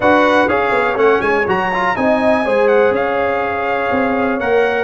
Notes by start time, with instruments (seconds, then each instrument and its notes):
0.00 tuba D4, trombone F#4, horn B4, trumpet F#5
0.47 tuba C#4, trombone G#4, horn C#5, trumpet F5
0.71 tuba B3
0.95 tuba A3, trombone C#4, trumpet F#5
1.21 tuba G#3, trumpet G#5
1.47 tuba F#3, trombone F#4, trumpet A#5
1.73 trombone F4
1.96 tuba C4, trombone D#4, horn D#5, trumpet G#5
2.45 tuba G#3, trombone G#4, horn C5
2.68 trumpet F#5
2.90 tuba C#4, horn C#5, trumpet F5
3.91 tuba C4
4.39 tuba A#3, trombone A#4, trumpet F#5